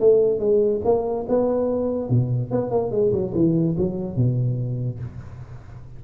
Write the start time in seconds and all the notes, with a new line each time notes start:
0.00 A3
0.40 G#3
0.85 A#3
1.29 B3
2.10 B2
2.51 B3
2.71 A#3
2.92 G#3
3.13 F#3
3.35 E3
3.78 F#3
4.17 B2